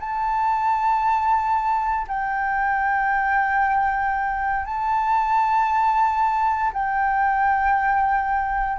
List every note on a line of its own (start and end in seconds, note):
0.00 2.07 A5
2.08 4.66 G5
4.66 6.73 A5
6.73 8.79 G5